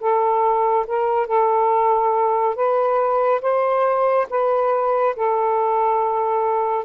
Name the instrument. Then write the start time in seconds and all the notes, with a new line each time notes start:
saxophone
0.00 A4
0.87 A#4
1.27 A4
2.55 B4
3.41 C5
4.30 B4
5.16 A4